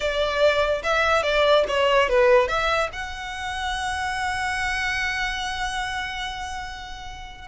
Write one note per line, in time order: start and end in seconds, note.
0.00 0.82 D5
0.83 1.23 E5
1.23 1.64 D5
1.68 2.09 C#5
2.09 2.48 B4
2.48 2.89 E5
2.93 7.48 F#5